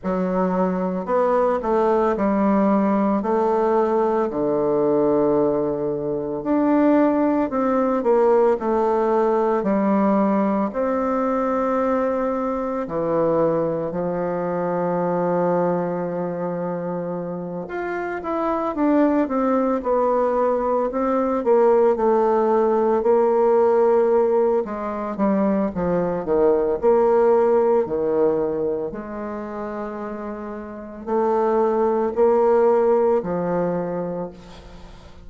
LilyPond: \new Staff \with { instrumentName = "bassoon" } { \time 4/4 \tempo 4 = 56 fis4 b8 a8 g4 a4 | d2 d'4 c'8 ais8 | a4 g4 c'2 | e4 f2.~ |
f8 f'8 e'8 d'8 c'8 b4 c'8 | ais8 a4 ais4. gis8 g8 | f8 dis8 ais4 dis4 gis4~ | gis4 a4 ais4 f4 | }